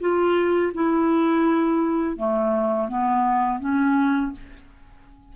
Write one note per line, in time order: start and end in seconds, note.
0.00 0.72 F4
0.74 2.17 E4
2.17 2.88 A3
2.88 3.59 B3
3.59 4.32 C#4